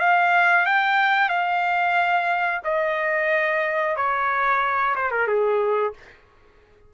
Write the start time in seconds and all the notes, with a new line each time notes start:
0.00 F5
0.66 G5
1.29 F5
2.64 D#5
3.96 C#5
4.95 C5
5.11 A#4
5.27 G#4